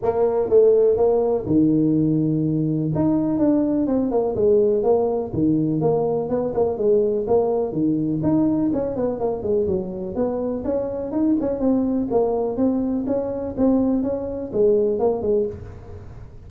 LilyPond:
\new Staff \with { instrumentName = "tuba" } { \time 4/4 \tempo 4 = 124 ais4 a4 ais4 dis4~ | dis2 dis'4 d'4 | c'8 ais8 gis4 ais4 dis4 | ais4 b8 ais8 gis4 ais4 |
dis4 dis'4 cis'8 b8 ais8 gis8 | fis4 b4 cis'4 dis'8 cis'8 | c'4 ais4 c'4 cis'4 | c'4 cis'4 gis4 ais8 gis8 | }